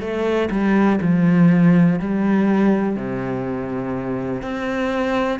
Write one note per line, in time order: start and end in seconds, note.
0.00 0.49 A3
0.50 0.99 G3
1.01 1.99 F3
1.99 2.96 G3
2.96 4.42 C3
4.42 5.39 C4